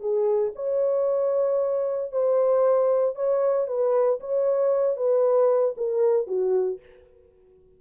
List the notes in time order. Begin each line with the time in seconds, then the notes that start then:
0.00 G#4
0.55 C#5
2.12 C5
3.16 C#5
3.68 B4
4.20 C#5
4.97 B4
5.77 A#4
6.27 F#4